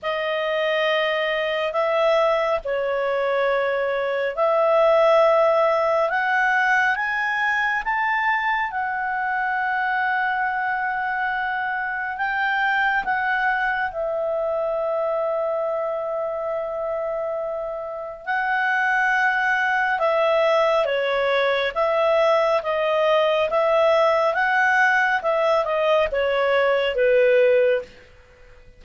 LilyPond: \new Staff \with { instrumentName = "clarinet" } { \time 4/4 \tempo 4 = 69 dis''2 e''4 cis''4~ | cis''4 e''2 fis''4 | gis''4 a''4 fis''2~ | fis''2 g''4 fis''4 |
e''1~ | e''4 fis''2 e''4 | cis''4 e''4 dis''4 e''4 | fis''4 e''8 dis''8 cis''4 b'4 | }